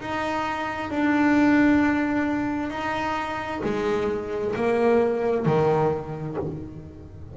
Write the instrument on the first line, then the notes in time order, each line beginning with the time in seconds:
double bass
0.00 D#4
0.90 D4
2.70 D#4
3.64 G#3
4.55 A#3
5.46 D#3